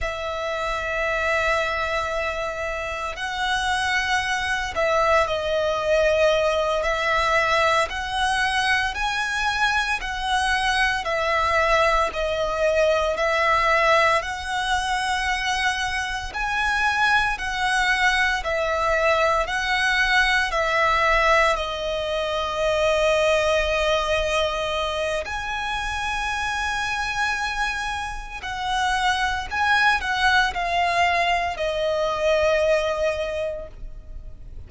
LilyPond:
\new Staff \with { instrumentName = "violin" } { \time 4/4 \tempo 4 = 57 e''2. fis''4~ | fis''8 e''8 dis''4. e''4 fis''8~ | fis''8 gis''4 fis''4 e''4 dis''8~ | dis''8 e''4 fis''2 gis''8~ |
gis''8 fis''4 e''4 fis''4 e''8~ | e''8 dis''2.~ dis''8 | gis''2. fis''4 | gis''8 fis''8 f''4 dis''2 | }